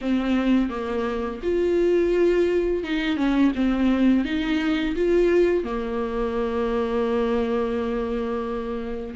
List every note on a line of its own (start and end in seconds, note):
0.01 0.69 C4
0.69 1.40 A#3
1.42 2.83 F4
2.83 3.16 D#4
3.16 3.52 C#4
3.55 4.24 C4
4.24 4.95 D#4
4.95 5.63 F4
5.63 9.15 A#3